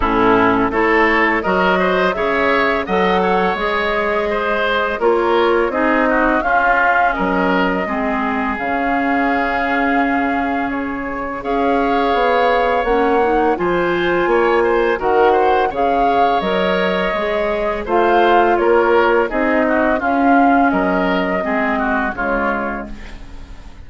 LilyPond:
<<
  \new Staff \with { instrumentName = "flute" } { \time 4/4 \tempo 4 = 84 a'4 cis''4 dis''4 e''4 | fis''4 dis''2 cis''4 | dis''4 f''4 dis''2 | f''2. cis''4 |
f''2 fis''4 gis''4~ | gis''4 fis''4 f''4 dis''4~ | dis''4 f''4 cis''4 dis''4 | f''4 dis''2 cis''4 | }
  \new Staff \with { instrumentName = "oboe" } { \time 4/4 e'4 a'4 ais'8 c''8 cis''4 | dis''8 cis''4. c''4 ais'4 | gis'8 fis'8 f'4 ais'4 gis'4~ | gis'1 |
cis''2. c''4 | cis''8 c''8 ais'8 c''8 cis''2~ | cis''4 c''4 ais'4 gis'8 fis'8 | f'4 ais'4 gis'8 fis'8 f'4 | }
  \new Staff \with { instrumentName = "clarinet" } { \time 4/4 cis'4 e'4 fis'4 gis'4 | a'4 gis'2 f'4 | dis'4 cis'2 c'4 | cis'1 |
gis'2 cis'8 dis'8 f'4~ | f'4 fis'4 gis'4 ais'4 | gis'4 f'2 dis'4 | cis'2 c'4 gis4 | }
  \new Staff \with { instrumentName = "bassoon" } { \time 4/4 a,4 a4 fis4 cis4 | fis4 gis2 ais4 | c'4 cis'4 fis4 gis4 | cis1 |
cis'4 b4 ais4 f4 | ais4 dis4 cis4 fis4 | gis4 a4 ais4 c'4 | cis'4 fis4 gis4 cis4 | }
>>